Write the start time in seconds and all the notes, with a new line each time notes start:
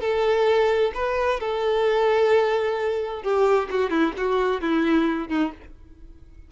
0.00 A4
0.94 B4
1.40 A4
3.23 G4
3.70 F#4
3.90 E4
4.17 F#4
4.61 E4
5.28 D#4